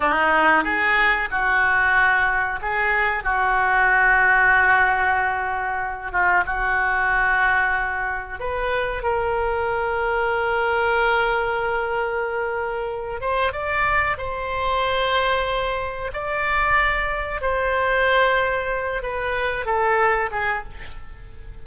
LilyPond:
\new Staff \with { instrumentName = "oboe" } { \time 4/4 \tempo 4 = 93 dis'4 gis'4 fis'2 | gis'4 fis'2.~ | fis'4. f'8 fis'2~ | fis'4 b'4 ais'2~ |
ais'1~ | ais'8 c''8 d''4 c''2~ | c''4 d''2 c''4~ | c''4. b'4 a'4 gis'8 | }